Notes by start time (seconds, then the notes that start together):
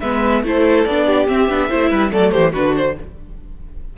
0.00 G#3 B3 B4 E5
0.43 A3 E4 A4 C5
0.85 B3 D4 D5
1.06 G4
1.27 C4 E5
1.49 B3 D4
1.69 A3 E4 C5
1.89 G3 B4
2.11 F#3 A3 A4 D5
2.31 E3 G4 C5
2.52 D3 D4 F#4 B4
2.76 C5